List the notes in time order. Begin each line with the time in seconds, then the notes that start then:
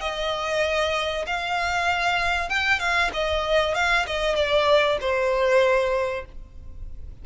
0.00 D#5
1.26 F5
2.49 G5
2.79 F5
3.13 D#5
3.74 F5
4.06 D#5
4.35 D5
5.00 C5